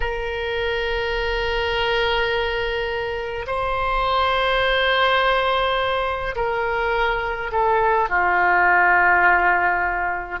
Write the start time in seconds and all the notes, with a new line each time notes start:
0.00 A#4
3.46 C5
6.35 A#4
7.51 A4
8.09 F4